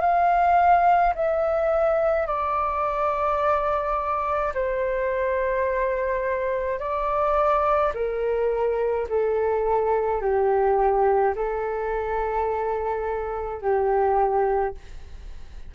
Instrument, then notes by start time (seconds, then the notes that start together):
flute
0.00 F5
1.15 E5
2.26 D5
4.54 C5
6.79 D5
7.94 A#4
9.09 A4
10.21 G4
11.35 A4
13.61 G4